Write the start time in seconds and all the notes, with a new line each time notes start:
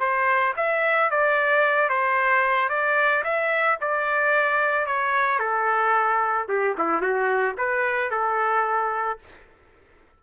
0.00 C5
0.57 E5
1.11 D5
1.90 C5
2.70 D5
3.25 E5
3.81 D5
4.87 C#5
5.40 A4
6.49 G4
6.78 E4
7.02 F#4
7.58 B4
8.11 A4